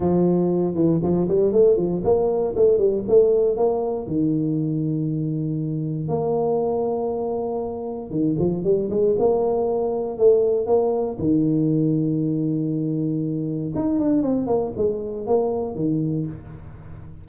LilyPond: \new Staff \with { instrumentName = "tuba" } { \time 4/4 \tempo 4 = 118 f4. e8 f8 g8 a8 f8 | ais4 a8 g8 a4 ais4 | dis1 | ais1 |
dis8 f8 g8 gis8 ais2 | a4 ais4 dis2~ | dis2. dis'8 d'8 | c'8 ais8 gis4 ais4 dis4 | }